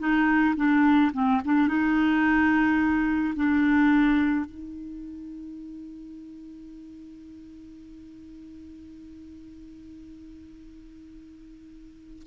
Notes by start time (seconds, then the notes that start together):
0.00 D#4
0.56 D4
1.14 C4
1.45 D4
1.68 D#4
3.36 D4
4.45 D#4